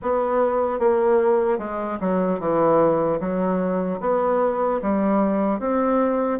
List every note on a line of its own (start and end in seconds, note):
0.01 0.79 B3
0.79 1.58 A#3
1.58 1.98 G#3
2.00 2.39 F#3
2.39 3.19 E3
3.20 4.00 F#3
4.00 4.80 B3
4.81 5.59 G3
5.59 6.39 C4